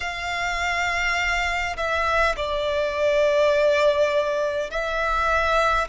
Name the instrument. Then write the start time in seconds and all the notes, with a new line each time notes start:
violin
0.00 F5
1.76 E5
2.36 D5
4.70 E5